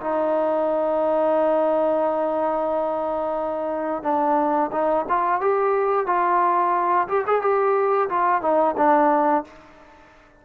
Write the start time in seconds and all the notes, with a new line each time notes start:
0.00 D#4
4.03 D4
4.72 D#4
5.09 F4
5.41 G4
6.06 F4
7.08 G4
7.27 G#4
7.41 G4
8.09 F4
8.41 D#4
8.77 D4